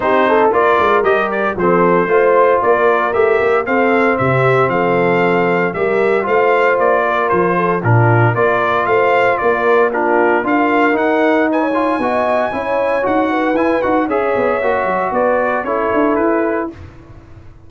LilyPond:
<<
  \new Staff \with { instrumentName = "trumpet" } { \time 4/4 \tempo 4 = 115 c''4 d''4 dis''8 d''8 c''4~ | c''4 d''4 e''4 f''4 | e''4 f''2 e''4 | f''4 d''4 c''4 ais'4 |
d''4 f''4 d''4 ais'4 | f''4 fis''4 gis''2~ | gis''4 fis''4 gis''8 fis''8 e''4~ | e''4 d''4 cis''4 b'4 | }
  \new Staff \with { instrumentName = "horn" } { \time 4/4 g'8 a'8 ais'2 a'4 | c''4 ais'2 a'4 | g'4 a'2 ais'4 | c''4. ais'4 a'8 f'4 |
ais'4 c''4 ais'4 f'4 | ais'2 b'16 cis''8. dis''4 | cis''4. b'4. cis''4~ | cis''4 b'4 a'2 | }
  \new Staff \with { instrumentName = "trombone" } { \time 4/4 dis'4 f'4 g'4 c'4 | f'2 g'4 c'4~ | c'2. g'4 | f'2. d'4 |
f'2. d'4 | f'4 dis'4. f'8 fis'4 | e'4 fis'4 e'8 fis'8 gis'4 | fis'2 e'2 | }
  \new Staff \with { instrumentName = "tuba" } { \time 4/4 c'4 ais8 gis8 g4 f4 | a4 ais4 a8 ais8 c'4 | c4 f2 g4 | a4 ais4 f4 ais,4 |
ais4 a4 ais2 | d'4 dis'2 b4 | cis'4 dis'4 e'8 dis'8 cis'8 b8 | ais8 fis8 b4 cis'8 d'8 e'4 | }
>>